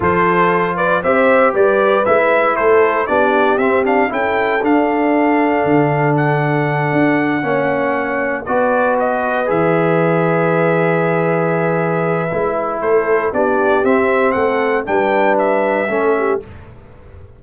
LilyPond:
<<
  \new Staff \with { instrumentName = "trumpet" } { \time 4/4 \tempo 4 = 117 c''4. d''8 e''4 d''4 | e''4 c''4 d''4 e''8 f''8 | g''4 f''2. | fis''1~ |
fis''8 d''4 dis''4 e''4.~ | e''1~ | e''4 c''4 d''4 e''4 | fis''4 g''4 e''2 | }
  \new Staff \with { instrumentName = "horn" } { \time 4/4 a'4. b'8 c''4 b'4~ | b'4 a'4 g'2 | a'1~ | a'2~ a'8 cis''4.~ |
cis''8 b'2.~ b'8~ | b'1~ | b'4 a'4 g'2 | a'4 b'2 a'8 g'8 | }
  \new Staff \with { instrumentName = "trombone" } { \time 4/4 f'2 g'2 | e'2 d'4 c'8 d'8 | e'4 d'2.~ | d'2~ d'8 cis'4.~ |
cis'8 fis'2 gis'4.~ | gis'1 | e'2 d'4 c'4~ | c'4 d'2 cis'4 | }
  \new Staff \with { instrumentName = "tuba" } { \time 4/4 f2 c'4 g4 | gis4 a4 b4 c'4 | cis'4 d'2 d4~ | d4. d'4 ais4.~ |
ais8 b2 e4.~ | e1 | gis4 a4 b4 c'4 | a4 g2 a4 | }
>>